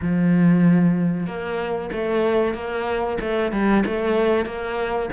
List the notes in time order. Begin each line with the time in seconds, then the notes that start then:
0.01 F3
1.26 A#3
1.91 A3
2.54 A#3
3.20 A3
3.52 G3
3.86 A3
4.45 A#3